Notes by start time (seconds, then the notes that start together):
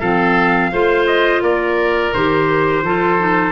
0.00 F3 C4 A4 F5
0.72 A3 F4 C5
1.07 D#5
1.41 A#3 A#4 D5
2.14 D#3 G4 C5
2.83 F3 F4 A4
3.19 D#4